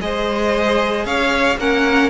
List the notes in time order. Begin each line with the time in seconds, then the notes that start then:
0.00 G#3 G#4 C5 D#5
1.05 C#4 C#5 F5
1.57 A#3 C#4 A#4 F#5